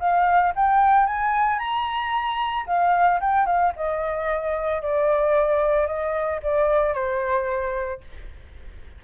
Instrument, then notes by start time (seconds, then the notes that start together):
flute
0.00 F5
0.56 G5
1.07 G#5
1.59 A#5
2.67 F5
3.21 G5
3.46 F5
3.76 D#5
4.83 D5
5.87 D#5
6.43 D5
6.94 C5